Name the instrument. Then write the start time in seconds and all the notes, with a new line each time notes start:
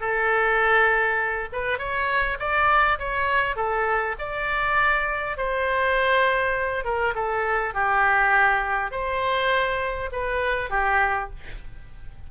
oboe
0.00 A4
1.52 B4
1.78 C#5
2.39 D5
2.98 C#5
3.56 A4
4.19 D5
5.37 C5
6.84 A#4
7.14 A4
7.73 G4
8.91 C5
10.12 B4
10.70 G4